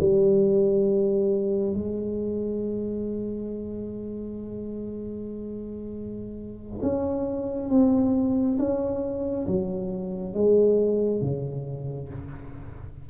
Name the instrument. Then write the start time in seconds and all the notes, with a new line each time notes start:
tuba
0.00 G3
1.74 G#3
6.83 C#4
7.70 C4
8.59 C#4
9.48 F#3
10.35 G#3
11.22 C#3